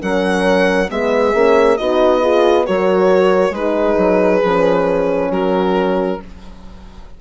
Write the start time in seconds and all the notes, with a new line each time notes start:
0.00 F#3 C#4 A#4 F#5
0.90 G#3 B3 G#4 E5
1.34 A#3 C#4
1.78 B3 D#4 F#4 D#5
2.21 F4 G#4
2.65 F#3 F#4 A#4 C#5
3.50 G#3 D#4 B4
3.58 G#4
3.98 F#3
4.44 F3 C#4
5.31 F#3 F#4 A#4